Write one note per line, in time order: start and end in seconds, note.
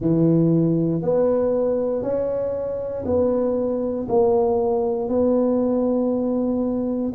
0.00 1.02 E3
1.02 2.02 B3
2.02 3.04 C#4
3.05 4.07 B3
4.08 5.08 A#3
5.08 7.12 B3